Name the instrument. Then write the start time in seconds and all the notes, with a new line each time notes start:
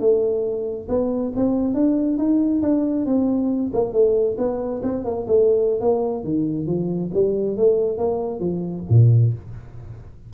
tuba
0.00 A3
0.89 B3
1.36 C4
1.74 D4
2.18 D#4
2.62 D4
3.06 C4
3.73 A#3
3.93 A3
4.38 B3
4.83 C4
5.05 A#3
5.28 A3
5.81 A#3
6.24 D#3
6.67 F3
7.14 G3
7.57 A3
7.98 A#3
8.40 F3
8.90 A#2